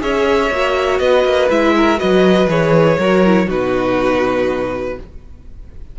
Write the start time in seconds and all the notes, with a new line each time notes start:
0.00 C#4 G#4 C#5 E5
0.50 A#3 F#4
0.99 B3 B4 D#5
1.24 A#3
1.50 G#3 E4 E5
1.77 A#4
1.97 F#3 F#4 B4 D#5
2.47 E3 G#4 C#5
2.98 F#3 F#4 A#4
3.25 E4
3.47 B2 D#4 F#4 B4